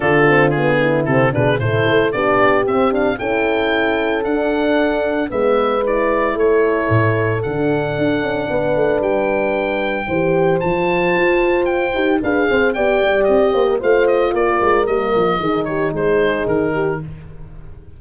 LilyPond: <<
  \new Staff \with { instrumentName = "oboe" } { \time 4/4 \tempo 4 = 113 a'4 gis'4 a'8 b'8 c''4 | d''4 e''8 f''8 g''2 | fis''2 e''4 d''4 | cis''2 fis''2~ |
fis''4 g''2. | a''2 g''4 f''4 | g''4 dis''4 f''8 dis''8 d''4 | dis''4. cis''8 c''4 ais'4 | }
  \new Staff \with { instrumentName = "horn" } { \time 4/4 f'4. e'4 gis'8 a'4 | g'2 a'2~ | a'2 b'2 | a'1 |
b'2. c''4~ | c''2. b'8 c''8 | d''4. c''16 ais'16 c''4 ais'4~ | ais'4 gis'8 g'8 gis'4. g'8 | }
  \new Staff \with { instrumentName = "horn" } { \time 4/4 d'8 c'8 b4 c'8 d'8 e'4 | d'4 c'8 d'8 e'2 | d'2 b4 e'4~ | e'2 d'2~ |
d'2. g'4 | f'2~ f'8 g'8 gis'4 | g'2 f'2 | ais4 dis'2. | }
  \new Staff \with { instrumentName = "tuba" } { \time 4/4 d2 c8 b,8 a,8 a8 | b4 c'4 cis'2 | d'2 gis2 | a4 a,4 d4 d'8 cis'8 |
b8 a8 g2 e4 | f4 f'4. dis'8 d'8 c'8 | b8 g8 c'8 ais8 a4 ais8 gis8 | g8 f8 dis4 gis4 dis4 | }
>>